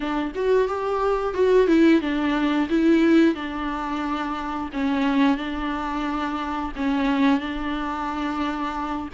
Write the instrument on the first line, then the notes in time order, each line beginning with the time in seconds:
viola
0.00 D4
0.35 F#4
0.67 G4
1.33 F#4
1.67 E4
2.01 D4
2.69 E4
3.34 D4
4.73 C#4
5.37 D4
6.76 C#4
7.40 D4